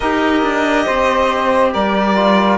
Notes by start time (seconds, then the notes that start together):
0.00 D#4 G4 A#4 D#5
0.42 D4
0.85 C4 C5
1.72 G3 A#4 D5
2.15 F4